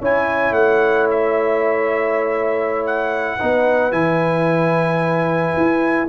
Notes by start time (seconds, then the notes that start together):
0.00 C#4 E4 C#5 G#5
0.52 A3 F#5
1.11 E5
2.87 F#5
3.39 B3 D#4 B4
3.92 E3 E4 G#5
5.57 E4